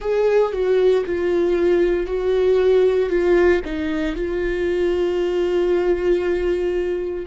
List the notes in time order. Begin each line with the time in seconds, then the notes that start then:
0.00 G#4
0.52 F#4
1.05 F4
2.06 F#4
3.09 F4
3.64 D#4
4.15 F4